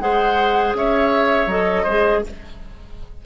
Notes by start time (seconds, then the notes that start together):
0.00 G#3 G#4 C5 F#5
0.74 C#4 C#5 E5
1.47 F#3 A4 D#5
1.83 G#3 G#4 C5